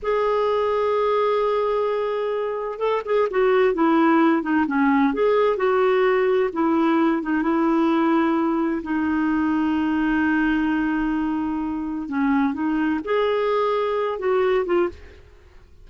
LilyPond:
\new Staff \with { instrumentName = "clarinet" } { \time 4/4 \tempo 4 = 129 gis'1~ | gis'2 a'8 gis'8 fis'4 | e'4. dis'8 cis'4 gis'4 | fis'2 e'4. dis'8 |
e'2. dis'4~ | dis'1~ | dis'2 cis'4 dis'4 | gis'2~ gis'8 fis'4 f'8 | }